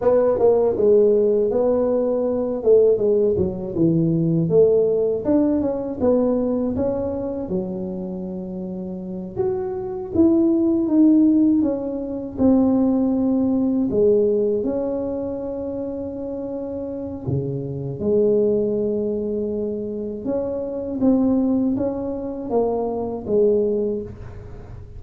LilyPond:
\new Staff \with { instrumentName = "tuba" } { \time 4/4 \tempo 4 = 80 b8 ais8 gis4 b4. a8 | gis8 fis8 e4 a4 d'8 cis'8 | b4 cis'4 fis2~ | fis8 fis'4 e'4 dis'4 cis'8~ |
cis'8 c'2 gis4 cis'8~ | cis'2. cis4 | gis2. cis'4 | c'4 cis'4 ais4 gis4 | }